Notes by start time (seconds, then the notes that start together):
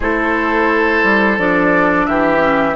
0.00 A3 E4 A4 C5
1.03 G3
1.37 F3 D4 D5
2.06 E3 G4 E5
2.38 C#4